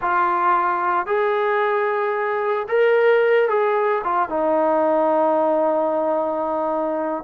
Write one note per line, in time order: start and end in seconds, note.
0.01 1.06 F4
1.06 2.67 G#4
2.68 3.48 A#4
3.48 4.02 G#4
4.03 4.29 F4
4.29 7.23 D#4